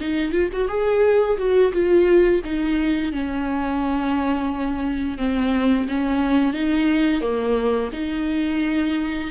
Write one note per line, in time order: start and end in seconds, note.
0.00 0.32 D#4
0.32 0.49 F4
0.52 0.68 F#4
0.68 1.37 G#4
1.38 1.72 F#4
1.73 2.42 F4
2.44 3.12 D#4
3.12 5.18 C#4
5.18 5.87 C4
5.88 6.53 C#4
6.53 7.21 D#4
7.21 7.90 A#3
7.92 9.30 D#4